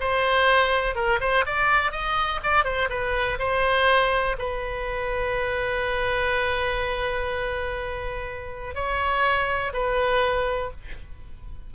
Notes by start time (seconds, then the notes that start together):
0.00 C5
0.96 A#4
1.20 C5
1.46 D5
1.92 D#5
2.43 D5
2.65 C5
2.90 B4
3.39 C5
4.39 B4
8.75 C#5
9.73 B4